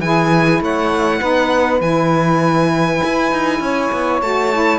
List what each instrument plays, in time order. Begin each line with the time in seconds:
0.00 cello E3, saxophone E4 G#4, violin G#5
0.61 cello A3, saxophone C#5, violin F#5
1.19 cello B3, saxophone D#4 B4
1.81 cello E3, saxophone E4, violin G#5
3.04 cello E4
3.32 cello D#4
3.60 cello C#4, saxophone C#5
3.92 cello B3
4.21 cello A3, saxophone F#4, violin A5
4.53 saxophone E4